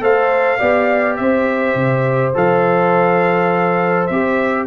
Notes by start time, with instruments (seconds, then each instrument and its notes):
0.00 tuba A3, trombone A4, horn C5, trumpet F5
0.58 tuba B3, trombone G4, horn D5
1.16 tuba C4, horn C5, trumpet E5
1.75 tuba C3
2.34 tuba F3, trombone A4, trumpet F5
4.06 tuba C4, trombone G4, trumpet E5